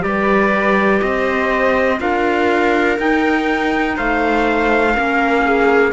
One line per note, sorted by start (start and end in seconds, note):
0.00 1.01 G3
0.00 1.97 G4
0.00 1.02 B4
0.00 1.01 D5
1.01 2.00 C4
1.01 2.01 C5
1.01 2.00 D#5
1.99 2.99 D4
1.99 2.97 F4
1.99 3.96 A#4
1.99 2.99 F5
2.99 4.95 D#4
2.99 3.97 D#4
2.99 3.98 G5
3.96 4.97 A3
3.96 4.94 C5
3.96 5.92 F5
4.94 5.92 A#3
4.94 5.92 C#4
4.94 5.43 A#4
5.44 5.92 G#4